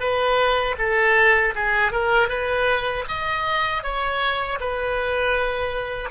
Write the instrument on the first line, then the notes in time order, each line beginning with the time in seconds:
oboe
0.00 B4
0.78 A4
1.55 G#4
1.92 A#4
2.29 B4
3.08 D#5
3.83 C#5
4.61 B4